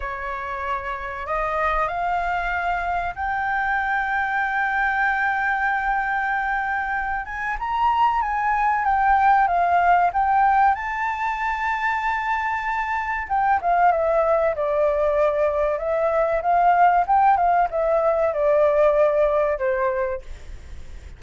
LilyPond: \new Staff \with { instrumentName = "flute" } { \time 4/4 \tempo 4 = 95 cis''2 dis''4 f''4~ | f''4 g''2.~ | g''2.~ g''8 gis''8 | ais''4 gis''4 g''4 f''4 |
g''4 a''2.~ | a''4 g''8 f''8 e''4 d''4~ | d''4 e''4 f''4 g''8 f''8 | e''4 d''2 c''4 | }